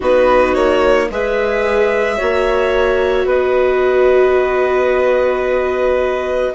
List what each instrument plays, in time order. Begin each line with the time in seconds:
0.00 bassoon B3, viola D#4, clarinet F#4, violin B4
0.54 bassoon A#3, violin C#5
1.10 bassoon G#3, viola G#4, clarinet B4, violin E5
2.17 bassoon A#3, viola F#4, clarinet C#5
3.25 bassoon B3, clarinet B4, violin D#5